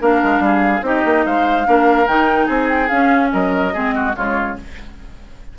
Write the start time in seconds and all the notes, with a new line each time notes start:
0.00 A#3 D4 A#4 F5
0.24 G#3
0.40 G3 G#4
0.82 C4 D#4 G4 D#5
1.05 A#3
1.26 G#3 C5 F5
1.65 A#3 D4 A#4
2.07 D#3 D#4 G5
2.46 C4 G#4 G#5
2.70 G5
2.89 C#4 F5
3.32 F#3 A#4 D#5
3.74 G#3 C4 G#4
3.95 F#4
4.16 C#3 G#3 F4 C#5